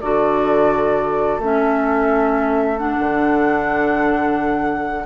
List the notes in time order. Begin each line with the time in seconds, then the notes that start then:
0.00 D3 F#4 A4 D5
1.39 A3 C#4 E5
2.77 D4 F#5
2.99 D3